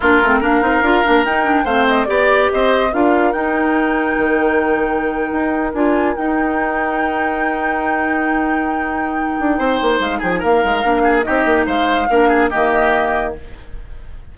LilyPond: <<
  \new Staff \with { instrumentName = "flute" } { \time 4/4 \tempo 4 = 144 ais'4 f''2 g''4 | f''8 dis''8 d''4 dis''4 f''4 | g''1~ | g''4.~ g''16 gis''4 g''4~ g''16~ |
g''1~ | g''1 | f''8 g''16 gis''16 f''2 dis''4 | f''2 dis''2 | }
  \new Staff \with { instrumentName = "oboe" } { \time 4/4 f'4 ais'2. | c''4 d''4 c''4 ais'4~ | ais'1~ | ais'1~ |
ais'1~ | ais'2. c''4~ | c''8 gis'8 ais'4. gis'8 g'4 | c''4 ais'8 gis'8 g'2 | }
  \new Staff \with { instrumentName = "clarinet" } { \time 4/4 d'8 c'8 d'8 dis'8 f'8 d'8 dis'8 d'8 | c'4 g'2 f'4 | dis'1~ | dis'4.~ dis'16 f'4 dis'4~ dis'16~ |
dis'1~ | dis'1~ | dis'2 d'4 dis'4~ | dis'4 d'4 ais2 | }
  \new Staff \with { instrumentName = "bassoon" } { \time 4/4 ais8 a8 ais8 c'8 d'8 ais8 dis'4 | a4 b4 c'4 d'4 | dis'2 dis2~ | dis8. dis'4 d'4 dis'4~ dis'16~ |
dis'1~ | dis'2~ dis'8 d'8 c'8 ais8 | gis8 f8 ais8 gis8 ais4 c'8 ais8 | gis4 ais4 dis2 | }
>>